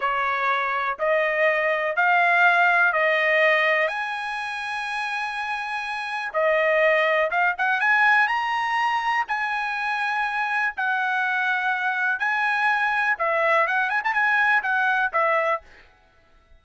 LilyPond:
\new Staff \with { instrumentName = "trumpet" } { \time 4/4 \tempo 4 = 123 cis''2 dis''2 | f''2 dis''2 | gis''1~ | gis''4 dis''2 f''8 fis''8 |
gis''4 ais''2 gis''4~ | gis''2 fis''2~ | fis''4 gis''2 e''4 | fis''8 gis''16 a''16 gis''4 fis''4 e''4 | }